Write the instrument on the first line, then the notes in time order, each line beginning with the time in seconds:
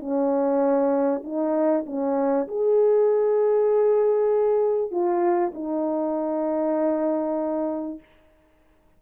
horn
0.00 C#4
1.24 D#4
1.87 C#4
2.48 G#4
4.91 F4
5.55 D#4